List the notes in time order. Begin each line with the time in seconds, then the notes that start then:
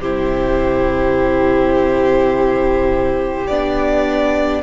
0.00 C3 E4 G4 C5
3.47 B3 D4 D5